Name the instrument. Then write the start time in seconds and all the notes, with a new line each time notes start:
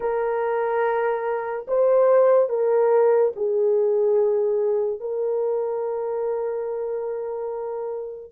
horn
0.00 A#4
1.67 C5
2.49 A#4
3.36 G#4
5.00 A#4